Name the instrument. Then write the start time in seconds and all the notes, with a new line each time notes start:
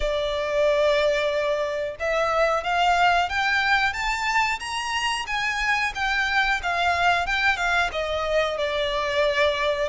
violin
0.00 D5
1.99 E5
2.63 F5
3.29 G5
3.93 A5
4.59 A#5
5.26 G#5
5.95 G5
6.62 F5
7.26 G5
7.56 F5
7.92 D#5
8.57 D5